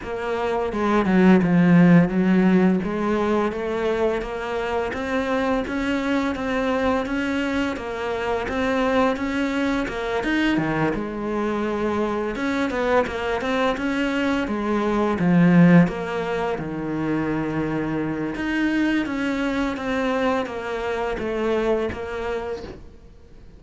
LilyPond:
\new Staff \with { instrumentName = "cello" } { \time 4/4 \tempo 4 = 85 ais4 gis8 fis8 f4 fis4 | gis4 a4 ais4 c'4 | cis'4 c'4 cis'4 ais4 | c'4 cis'4 ais8 dis'8 dis8 gis8~ |
gis4. cis'8 b8 ais8 c'8 cis'8~ | cis'8 gis4 f4 ais4 dis8~ | dis2 dis'4 cis'4 | c'4 ais4 a4 ais4 | }